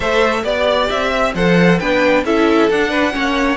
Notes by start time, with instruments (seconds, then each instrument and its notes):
0.00 cello A3, viola A4, violin C5 E5
0.44 cello B3, viola G4, violin D5
0.89 cello C4, violin E5
1.11 violin E5
1.34 cello F3, viola A4, violin C5 F#5
1.79 cello B3, viola D4, violin B4 G5
2.24 cello C#4, viola E4, violin A4 E5
2.69 cello D4, viola D4, violin F#5
2.90 violin B4
3.11 cello A#3, viola C#4, violin C#5